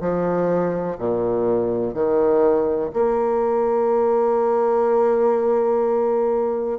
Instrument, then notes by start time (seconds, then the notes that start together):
bassoon
0.00 F3
0.98 A#2
1.94 D#3
2.93 A#3